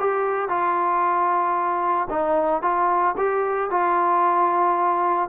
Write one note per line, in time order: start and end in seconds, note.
0.00 0.49 G4
0.49 2.09 F4
2.10 2.62 D#4
2.62 3.15 F4
3.18 3.71 G4
3.71 5.29 F4